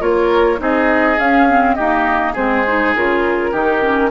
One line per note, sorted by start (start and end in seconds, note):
0.00 0.59 A#3
0.00 0.57 F4
0.00 0.59 A#4
0.00 0.60 C#5
0.57 1.18 C4
0.57 1.16 D#4
0.57 1.75 G#4
0.57 1.19 D#5
1.18 1.77 C#4
1.18 1.48 C#4
1.18 1.74 F5
1.48 1.77 C4
1.74 2.35 A#3
1.74 2.37 D#4
1.74 2.33 G4
1.74 2.33 D#5
2.33 2.95 G#3
2.33 2.65 C4
2.33 3.50 G#4
2.33 2.94 C5
2.67 2.96 D#4
2.95 3.52 C#3
2.95 3.53 F4
2.95 4.11 A#4
3.51 4.11 D#3
3.51 3.81 D#4
3.51 4.10 G4
3.81 4.11 C#4